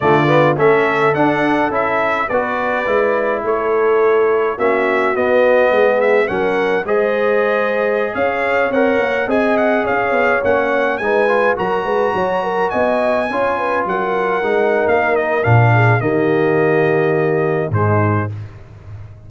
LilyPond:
<<
  \new Staff \with { instrumentName = "trumpet" } { \time 4/4 \tempo 4 = 105 d''4 e''4 fis''4 e''4 | d''2 cis''2 | e''4 dis''4. e''8 fis''4 | dis''2~ dis''16 f''4 fis''8.~ |
fis''16 gis''8 fis''8 f''4 fis''4 gis''8.~ | gis''16 ais''2 gis''4.~ gis''16~ | gis''16 fis''4.~ fis''16 f''8 dis''8 f''4 | dis''2. c''4 | }
  \new Staff \with { instrumentName = "horn" } { \time 4/4 f'4 a'2. | b'2 a'2 | fis'2 gis'4 ais'4 | c''2~ c''16 cis''4.~ cis''16~ |
cis''16 dis''4 cis''2 b'8.~ | b'16 ais'8 b'8 cis''8 ais'8 dis''4 cis''8 b'16~ | b'16 ais'2.~ ais'16 gis'8 | g'2. dis'4 | }
  \new Staff \with { instrumentName = "trombone" } { \time 4/4 a8 b8 cis'4 d'4 e'4 | fis'4 e'2. | cis'4 b2 cis'4 | gis'2.~ gis'16 ais'8.~ |
ais'16 gis'2 cis'4 dis'8 f'16~ | f'16 fis'2. f'8.~ | f'4~ f'16 dis'4.~ dis'16 d'4 | ais2. gis4 | }
  \new Staff \with { instrumentName = "tuba" } { \time 4/4 d4 a4 d'4 cis'4 | b4 gis4 a2 | ais4 b4 gis4 fis4 | gis2~ gis16 cis'4 c'8 ais16~ |
ais16 c'4 cis'8 b8 ais4 gis8.~ | gis16 fis8 gis8 fis4 b4 cis'8.~ | cis'16 fis4 gis8. ais4 ais,4 | dis2. gis,4 | }
>>